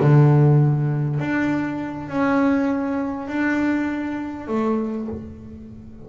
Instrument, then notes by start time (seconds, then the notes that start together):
double bass
0.00 D3
1.19 D4
2.08 C#4
3.27 D4
4.47 A3